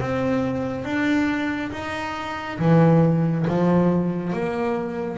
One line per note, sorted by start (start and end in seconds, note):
0.00 0.84 C4
0.84 1.71 D4
1.72 2.58 D#4
2.59 3.46 E3
3.47 4.33 F3
4.33 5.18 A#3